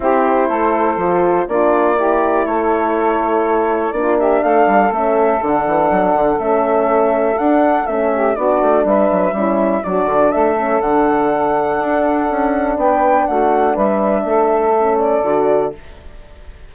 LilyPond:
<<
  \new Staff \with { instrumentName = "flute" } { \time 4/4 \tempo 4 = 122 c''2. d''4~ | d''4 cis''2. | d''8 e''8 f''4 e''4 fis''4~ | fis''4 e''2 fis''4 |
e''4 d''4 e''2 | d''4 e''4 fis''2~ | fis''2 g''4 fis''4 | e''2~ e''8 d''4. | }
  \new Staff \with { instrumentName = "saxophone" } { \time 4/4 g'4 a'2 f'4 | g'4 a'2. | f'8 g'8 a'2.~ | a'1~ |
a'8 g'8 fis'4 b'4 e'4 | fis'4 a'2.~ | a'2 b'4 fis'4 | b'4 a'2. | }
  \new Staff \with { instrumentName = "horn" } { \time 4/4 e'2 f'4 d'4 | e'1 | d'2 cis'4 d'4~ | d'4 cis'2 d'4 |
cis'4 d'2 cis'4 | d'4. cis'8 d'2~ | d'1~ | d'2 cis'4 fis'4 | }
  \new Staff \with { instrumentName = "bassoon" } { \time 4/4 c'4 a4 f4 ais4~ | ais4 a2. | ais4 a8 g8 a4 d8 e8 | fis8 d8 a2 d'4 |
a4 b8 a8 g8 fis8 g4 | fis8 d8 a4 d2 | d'4 cis'4 b4 a4 | g4 a2 d4 | }
>>